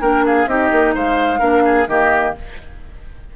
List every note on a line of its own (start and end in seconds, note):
0.00 0.46 A#3
0.00 0.47 D4
0.00 0.24 A#4
0.00 0.25 G5
0.26 0.49 G#4
0.26 0.48 F5
0.46 0.70 C4
0.46 1.39 D#4
0.46 0.94 G4
0.46 0.95 D#5
0.72 0.95 A#3
0.94 1.40 G#3
0.94 1.39 C5
0.94 1.89 F5
1.39 1.87 A#3
1.39 1.86 D4
1.39 1.63 A#4
1.65 1.88 G#4
1.87 2.33 D#3
1.87 2.36 A#3
1.87 2.35 G4
1.87 2.35 D#5